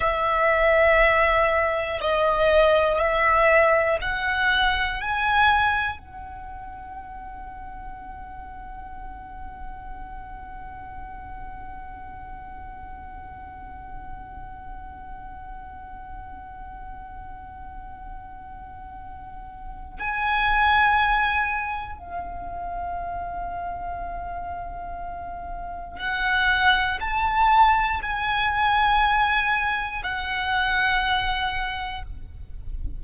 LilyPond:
\new Staff \with { instrumentName = "violin" } { \time 4/4 \tempo 4 = 60 e''2 dis''4 e''4 | fis''4 gis''4 fis''2~ | fis''1~ | fis''1~ |
fis''1 | gis''2 f''2~ | f''2 fis''4 a''4 | gis''2 fis''2 | }